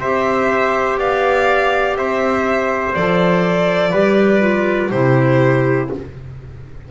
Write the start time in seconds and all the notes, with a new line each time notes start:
0.00 C4 G4 C5 E5
0.98 B3 D5 F5
1.96 C4 C5 E5
2.94 F3 A4 D5
3.91 G3 G4 B4
4.41 F4
4.90 C3 E4 G4 C5